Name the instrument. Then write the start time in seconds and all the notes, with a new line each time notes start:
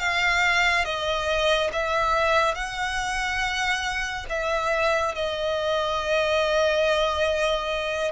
violin
0.00 F5
0.85 D#5
1.73 E5
2.55 F#5
4.30 E5
5.15 D#5